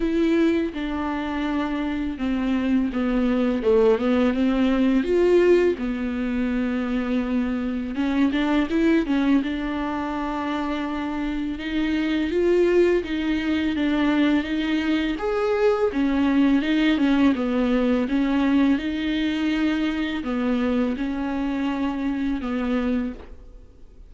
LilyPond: \new Staff \with { instrumentName = "viola" } { \time 4/4 \tempo 4 = 83 e'4 d'2 c'4 | b4 a8 b8 c'4 f'4 | b2. cis'8 d'8 | e'8 cis'8 d'2. |
dis'4 f'4 dis'4 d'4 | dis'4 gis'4 cis'4 dis'8 cis'8 | b4 cis'4 dis'2 | b4 cis'2 b4 | }